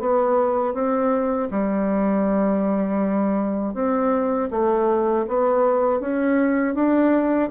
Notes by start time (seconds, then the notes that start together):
0.00 B3
0.74 C4
1.50 G3
3.74 C4
4.51 A3
5.28 B3
6.00 C#4
6.74 D4